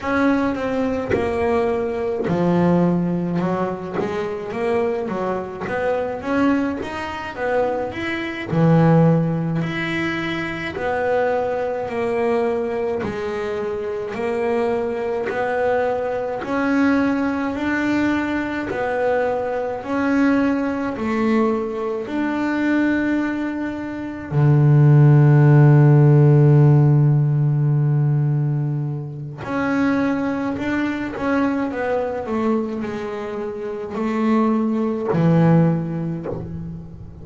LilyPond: \new Staff \with { instrumentName = "double bass" } { \time 4/4 \tempo 4 = 53 cis'8 c'8 ais4 f4 fis8 gis8 | ais8 fis8 b8 cis'8 dis'8 b8 e'8 e8~ | e8 e'4 b4 ais4 gis8~ | gis8 ais4 b4 cis'4 d'8~ |
d'8 b4 cis'4 a4 d'8~ | d'4. d2~ d8~ | d2 cis'4 d'8 cis'8 | b8 a8 gis4 a4 e4 | }